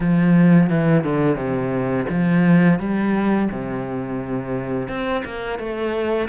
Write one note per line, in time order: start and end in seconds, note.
0.00 0.69 F3
0.69 1.03 E3
1.03 1.35 D3
1.35 2.05 C3
2.09 2.79 F3
2.79 3.49 G3
3.50 4.88 C3
4.88 5.23 C4
5.24 5.58 A#3
5.58 6.28 A3